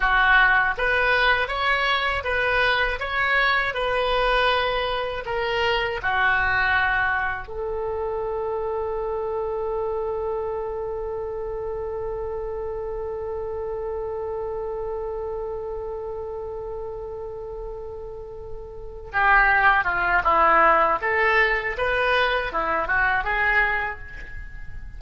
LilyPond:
\new Staff \with { instrumentName = "oboe" } { \time 4/4 \tempo 4 = 80 fis'4 b'4 cis''4 b'4 | cis''4 b'2 ais'4 | fis'2 a'2~ | a'1~ |
a'1~ | a'1~ | a'4. g'4 f'8 e'4 | a'4 b'4 e'8 fis'8 gis'4 | }